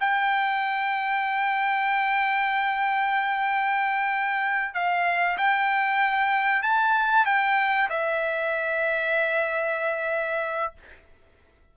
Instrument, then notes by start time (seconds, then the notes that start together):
trumpet
0.00 G5
4.74 F5
5.38 G5
6.62 A5
7.25 G5
7.89 E5